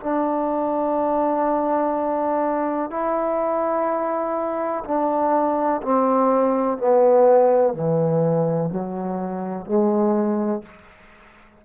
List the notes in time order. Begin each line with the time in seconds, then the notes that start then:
0.00 D4
2.90 E4
4.85 D4
5.82 C4
6.77 B3
7.73 E3
8.70 F#3
9.66 G#3